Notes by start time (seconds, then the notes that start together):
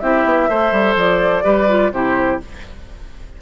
0.00 C4 E4 G4 E5
0.25 B3
0.49 A3 A4 C5
0.72 G3
0.96 F3 D5
1.44 G3 G4 B4
1.69 F4
1.92 C3 E4 G4 C5